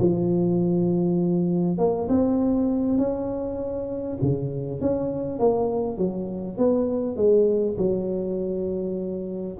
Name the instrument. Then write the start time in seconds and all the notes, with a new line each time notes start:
tuba
0.00 F3
1.78 A#3
2.09 C4
2.98 C#4
4.22 C#3
4.81 C#4
5.39 A#3
5.97 F#3
6.58 B3
7.16 G#3
7.78 F#3